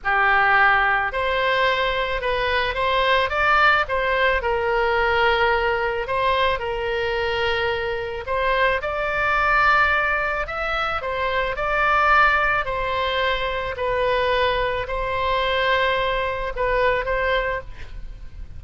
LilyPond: \new Staff \with { instrumentName = "oboe" } { \time 4/4 \tempo 4 = 109 g'2 c''2 | b'4 c''4 d''4 c''4 | ais'2. c''4 | ais'2. c''4 |
d''2. e''4 | c''4 d''2 c''4~ | c''4 b'2 c''4~ | c''2 b'4 c''4 | }